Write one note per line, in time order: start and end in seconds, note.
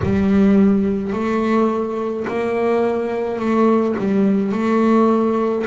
0.03 1.13 G3
1.13 2.26 A3
2.27 3.39 A#3
3.39 3.95 A3
3.98 4.51 G3
4.51 5.64 A3